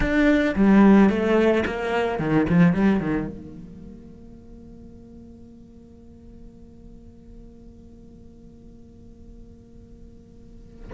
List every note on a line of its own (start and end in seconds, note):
0.00 0.55 D4
0.55 1.09 G3
1.09 1.64 A3
1.66 2.19 A#3
2.19 2.46 D#3
2.49 2.72 F3
2.72 3.00 G3
3.00 3.27 D#3
3.27 10.90 A#3